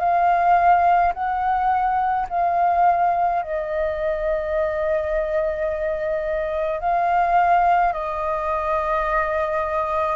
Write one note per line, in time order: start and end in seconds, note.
0.00 1.13 F5
1.14 2.27 F#5
2.30 3.43 F5
3.43 6.80 D#5
6.80 7.93 F5
7.93 10.16 D#5